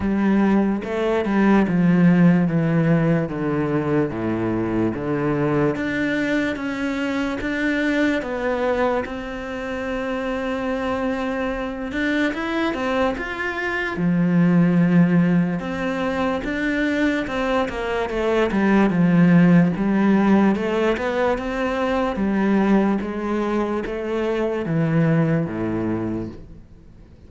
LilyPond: \new Staff \with { instrumentName = "cello" } { \time 4/4 \tempo 4 = 73 g4 a8 g8 f4 e4 | d4 a,4 d4 d'4 | cis'4 d'4 b4 c'4~ | c'2~ c'8 d'8 e'8 c'8 |
f'4 f2 c'4 | d'4 c'8 ais8 a8 g8 f4 | g4 a8 b8 c'4 g4 | gis4 a4 e4 a,4 | }